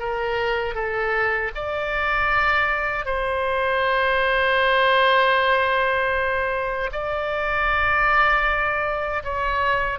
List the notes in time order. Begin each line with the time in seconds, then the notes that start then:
0.00 A#4
0.75 A4
1.55 D5
3.06 C5
6.93 D5
9.24 C#5